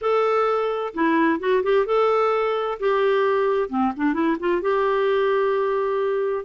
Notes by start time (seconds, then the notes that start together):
0.01 A4
0.94 E4
1.39 F#4
1.63 G4
1.86 A4
2.79 G4
3.69 C4
3.96 D4
4.13 E4
4.39 F4
4.61 G4